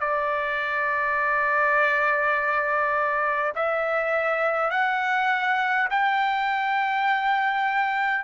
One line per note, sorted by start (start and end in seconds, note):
0.00 3.53 D5
3.55 4.71 E5
4.71 5.88 F#5
5.90 8.24 G5